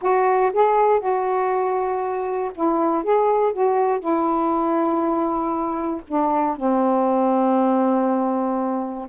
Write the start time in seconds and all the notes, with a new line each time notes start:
0.01 F#4
0.53 G#4
1.00 F#4
2.55 E4
3.03 G#4
3.52 F#4
3.99 E4
6.07 D4
6.56 C4